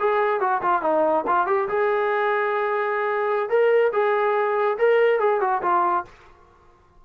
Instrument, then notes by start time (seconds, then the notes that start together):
trombone
0.00 G#4
0.40 F#4
0.62 F4
0.82 D#4
1.27 F4
1.47 G4
1.69 G#4
3.50 A#4
3.93 G#4
4.79 A#4
5.20 G#4
5.41 F#4
5.62 F4